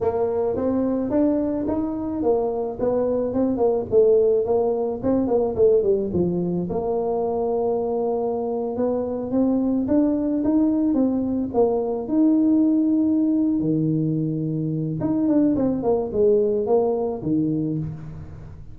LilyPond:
\new Staff \with { instrumentName = "tuba" } { \time 4/4 \tempo 4 = 108 ais4 c'4 d'4 dis'4 | ais4 b4 c'8 ais8 a4 | ais4 c'8 ais8 a8 g8 f4 | ais2.~ ais8. b16~ |
b8. c'4 d'4 dis'4 c'16~ | c'8. ais4 dis'2~ dis'16~ | dis'8 dis2~ dis8 dis'8 d'8 | c'8 ais8 gis4 ais4 dis4 | }